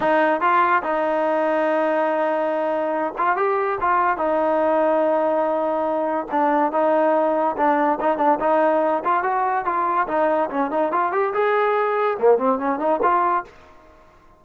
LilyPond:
\new Staff \with { instrumentName = "trombone" } { \time 4/4 \tempo 4 = 143 dis'4 f'4 dis'2~ | dis'2.~ dis'8 f'8 | g'4 f'4 dis'2~ | dis'2. d'4 |
dis'2 d'4 dis'8 d'8 | dis'4. f'8 fis'4 f'4 | dis'4 cis'8 dis'8 f'8 g'8 gis'4~ | gis'4 ais8 c'8 cis'8 dis'8 f'4 | }